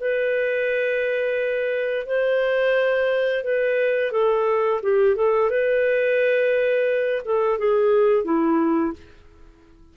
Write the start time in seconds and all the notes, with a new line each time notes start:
0.00 B4
2.06 C5
3.44 B4
4.12 A4
4.82 G4
5.16 A4
5.50 B4
7.25 A4
7.58 G#4
8.24 E4